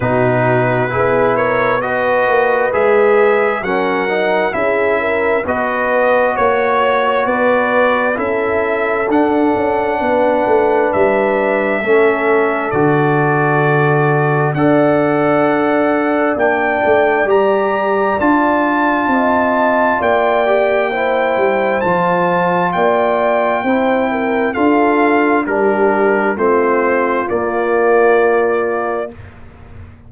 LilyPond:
<<
  \new Staff \with { instrumentName = "trumpet" } { \time 4/4 \tempo 4 = 66 b'4. cis''8 dis''4 e''4 | fis''4 e''4 dis''4 cis''4 | d''4 e''4 fis''2 | e''2 d''2 |
fis''2 g''4 ais''4 | a''2 g''2 | a''4 g''2 f''4 | ais'4 c''4 d''2 | }
  \new Staff \with { instrumentName = "horn" } { \time 4/4 fis'4 gis'8 ais'8 b'2 | ais'4 gis'8 ais'8 b'4 cis''4 | b'4 a'2 b'4~ | b'4 a'2. |
d''1~ | d''4 dis''4 d''4 c''4~ | c''4 d''4 c''8 ais'8 a'4 | g'4 f'2. | }
  \new Staff \with { instrumentName = "trombone" } { \time 4/4 dis'4 e'4 fis'4 gis'4 | cis'8 dis'8 e'4 fis'2~ | fis'4 e'4 d'2~ | d'4 cis'4 fis'2 |
a'2 d'4 g'4 | f'2~ f'8 g'8 e'4 | f'2 e'4 f'4 | d'4 c'4 ais2 | }
  \new Staff \with { instrumentName = "tuba" } { \time 4/4 b,4 b4. ais8 gis4 | fis4 cis'4 b4 ais4 | b4 cis'4 d'8 cis'8 b8 a8 | g4 a4 d2 |
d'2 ais8 a8 g4 | d'4 c'4 ais4. g8 | f4 ais4 c'4 d'4 | g4 a4 ais2 | }
>>